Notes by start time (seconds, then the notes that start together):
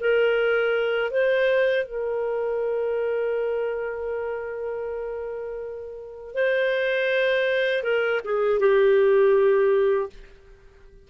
0.00 A#4
1.10 C5
1.85 A#4
6.34 C5
7.83 A#4
8.24 G#4
8.59 G4